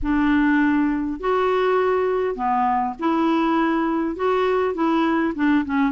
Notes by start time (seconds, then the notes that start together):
0.02 D4
1.19 F#4
2.35 B3
2.99 E4
4.16 F#4
4.74 E4
5.35 D4
5.65 C#4